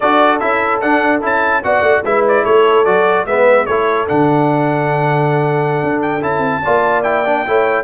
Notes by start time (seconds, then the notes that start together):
0.00 D4 F#4 A4 D5
0.39 C#4 E4 E5
0.80 D4 F#5
1.21 C#4 E4 A5
1.63 B3 F#4 D5 F#5
1.81 A3
2.04 G#3 E4 B4 E5
2.28 D5
2.43 A3 A4 C#5
2.84 F#3 F#4 D5
3.26 G#3 B3 B4 E5
3.66 A3 E4 A4 C#5
4.07 D3 D4 F#5
5.83 D4
6.01 G5
6.21 C#4 E4 A5
6.38 C4
6.62 A#3 F4 D5
7.02 E4 G5
7.25 D4
7.46 A3 E4 C#5